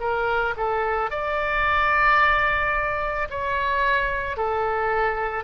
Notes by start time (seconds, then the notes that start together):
0.00 A#4
0.57 A4
1.10 D5
3.30 C#5
4.36 A4